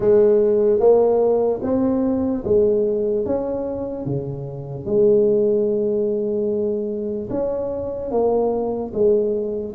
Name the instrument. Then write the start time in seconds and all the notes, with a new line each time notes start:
tuba
0.00 G#3
0.79 A#3
1.62 C4
2.44 G#3
3.25 C#4
4.05 C#3
4.85 G#3
7.30 C#4
8.11 A#3
8.93 G#3